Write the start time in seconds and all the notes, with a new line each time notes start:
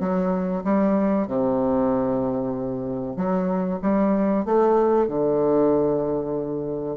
0.00 F#3
0.64 G3
1.27 C3
3.16 F#3
3.82 G3
4.45 A3
5.08 D3